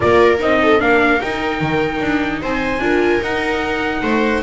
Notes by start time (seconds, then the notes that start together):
0.00 A#3 F4 A#4 D5
0.39 C4 D#4 D#5
0.62 A4
0.78 A#3 D4 A#4 F5
1.20 D#4 G5
1.60 D#3
2.00 D4
2.41 C4 C5 G#5
2.79 D4 F4 A#4
3.21 D#4 F#5
4.02 A3 C5